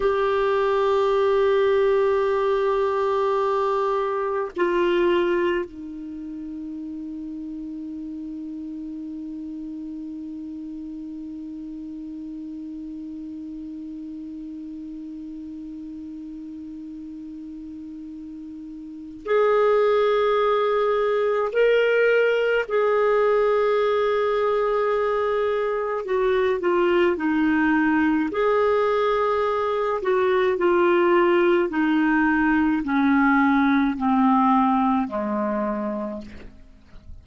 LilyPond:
\new Staff \with { instrumentName = "clarinet" } { \time 4/4 \tempo 4 = 53 g'1 | f'4 dis'2.~ | dis'1~ | dis'1~ |
dis'4 gis'2 ais'4 | gis'2. fis'8 f'8 | dis'4 gis'4. fis'8 f'4 | dis'4 cis'4 c'4 gis4 | }